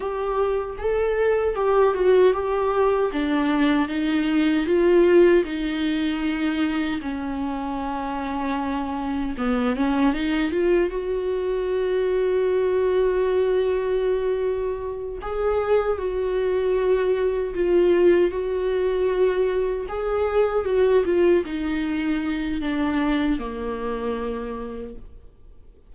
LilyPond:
\new Staff \with { instrumentName = "viola" } { \time 4/4 \tempo 4 = 77 g'4 a'4 g'8 fis'8 g'4 | d'4 dis'4 f'4 dis'4~ | dis'4 cis'2. | b8 cis'8 dis'8 f'8 fis'2~ |
fis'2.~ fis'8 gis'8~ | gis'8 fis'2 f'4 fis'8~ | fis'4. gis'4 fis'8 f'8 dis'8~ | dis'4 d'4 ais2 | }